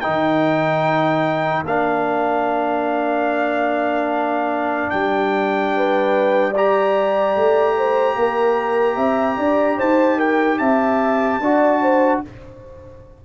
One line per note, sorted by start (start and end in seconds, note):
0.00 1.64 D#4
0.00 5.70 A#4
0.00 1.62 G5
0.06 1.62 D#3
1.62 4.87 A#3
1.62 6.54 D4
1.62 4.90 F5
4.90 7.35 G3
4.90 6.52 G5
5.76 6.51 B4
6.51 11.42 G4
6.51 7.73 D5
6.51 9.79 A#5
7.35 8.15 A3
7.77 8.17 C5
8.15 8.96 A#3
8.15 8.96 A#4
8.96 9.37 C4
8.96 9.36 E5
9.37 9.78 D4
9.37 9.77 D5
9.77 10.60 D#4
9.77 10.17 C5
9.77 10.19 A5
10.17 10.58 A#4
10.17 10.58 G5
10.58 11.39 C4
10.58 11.40 E5
10.58 12.20 A5
11.39 12.20 D4
11.39 12.24 F#4
11.39 11.82 D5
11.82 12.22 C5